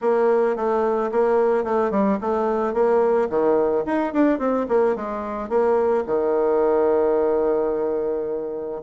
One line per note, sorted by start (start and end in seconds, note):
0.01 0.56 A#3
0.56 1.11 A3
1.11 1.64 A#3
1.64 1.91 A3
1.91 2.18 G3
2.20 2.73 A3
2.73 3.28 A#3
3.29 3.84 D#3
3.85 4.13 D#4
4.13 4.39 D4
4.39 4.66 C4
4.68 4.95 A#3
4.95 5.49 G#3
5.49 6.04 A#3
6.06 8.81 D#3